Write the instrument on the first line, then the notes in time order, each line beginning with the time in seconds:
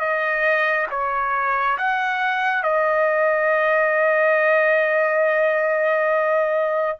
trumpet
0.00 D#5
0.91 C#5
1.78 F#5
2.63 D#5